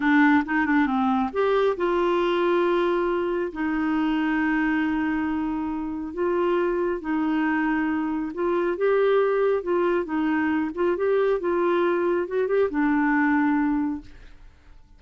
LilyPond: \new Staff \with { instrumentName = "clarinet" } { \time 4/4 \tempo 4 = 137 d'4 dis'8 d'8 c'4 g'4 | f'1 | dis'1~ | dis'2 f'2 |
dis'2. f'4 | g'2 f'4 dis'4~ | dis'8 f'8 g'4 f'2 | fis'8 g'8 d'2. | }